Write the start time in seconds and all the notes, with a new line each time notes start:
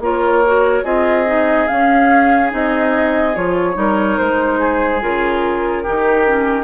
0.00 A#3 F4 A#4 C#5
0.46 F#4
0.84 C4 F4 G#4 D#5
1.26 D#4
1.68 C#4 F5
2.51 C4 D#4 D#5
3.34 F3 F4 C#5
3.74 G3 D#4 A#4
4.18 G#3 C5
4.60 G#4
5.01 C#3 F4 A#4
5.83 D#3 D#4 G4
6.27 C#4